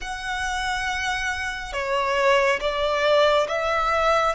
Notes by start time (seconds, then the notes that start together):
0.01 F#5
1.72 C#5
2.60 D5
3.48 E5